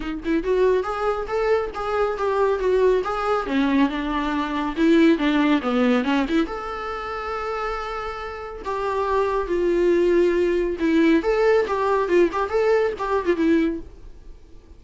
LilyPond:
\new Staff \with { instrumentName = "viola" } { \time 4/4 \tempo 4 = 139 dis'8 e'8 fis'4 gis'4 a'4 | gis'4 g'4 fis'4 gis'4 | cis'4 d'2 e'4 | d'4 b4 cis'8 e'8 a'4~ |
a'1 | g'2 f'2~ | f'4 e'4 a'4 g'4 | f'8 g'8 a'4 g'8. f'16 e'4 | }